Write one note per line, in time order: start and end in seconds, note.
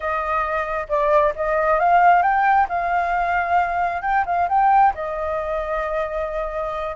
0.00 0.87 D#5
0.88 1.33 D5
1.35 1.79 D#5
1.79 2.22 F5
2.22 2.67 G5
2.69 4.02 F5
4.02 4.24 G5
4.26 4.48 F5
4.49 4.93 G5
4.94 6.95 D#5